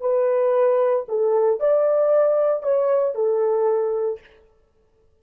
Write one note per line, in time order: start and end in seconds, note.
0.00 1.05 B4
1.08 1.60 A4
1.60 2.63 D5
2.63 3.14 C#5
3.14 4.20 A4